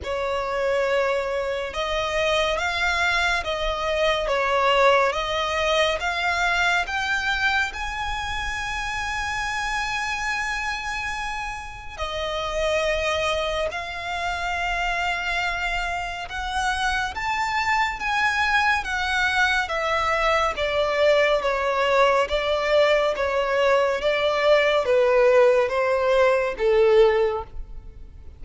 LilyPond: \new Staff \with { instrumentName = "violin" } { \time 4/4 \tempo 4 = 70 cis''2 dis''4 f''4 | dis''4 cis''4 dis''4 f''4 | g''4 gis''2.~ | gis''2 dis''2 |
f''2. fis''4 | a''4 gis''4 fis''4 e''4 | d''4 cis''4 d''4 cis''4 | d''4 b'4 c''4 a'4 | }